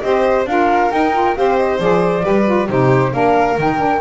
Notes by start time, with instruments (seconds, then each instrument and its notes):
0.00 double bass C4, saxophone G4, violin C5, flute D#5
0.45 double bass D4, saxophone F4, violin A#4, flute F5
0.91 double bass D#4, saxophone D#4, flute G5
1.13 saxophone F4
1.35 double bass C4, saxophone G4, violin C5, flute F5
1.57 flute D#5
1.79 double bass F3, saxophone G#4, flute D5
2.22 double bass G3, saxophone G4, violin B4
2.45 saxophone F4
2.69 double bass C3, saxophone D#4, violin G4, flute C5
3.12 double bass A#3, saxophone D4, violin A#4, flute F5
3.57 double bass D#3, saxophone D#4, flute G5
3.77 saxophone D4